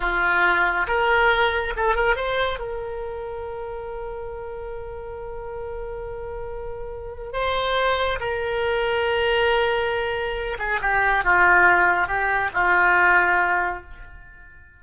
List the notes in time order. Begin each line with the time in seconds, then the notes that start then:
0.00 F4
0.87 A#4
1.76 A4
1.95 A#4
2.16 C5
2.59 A#4
7.32 C5
8.20 A#4
10.58 G#4
10.81 G4
11.24 F4
12.07 G4
12.53 F4